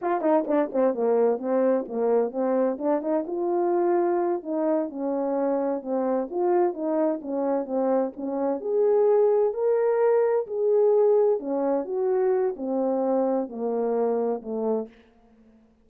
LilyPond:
\new Staff \with { instrumentName = "horn" } { \time 4/4 \tempo 4 = 129 f'8 dis'8 d'8 c'8 ais4 c'4 | ais4 c'4 d'8 dis'8 f'4~ | f'4. dis'4 cis'4.~ | cis'8 c'4 f'4 dis'4 cis'8~ |
cis'8 c'4 cis'4 gis'4.~ | gis'8 ais'2 gis'4.~ | gis'8 cis'4 fis'4. c'4~ | c'4 ais2 a4 | }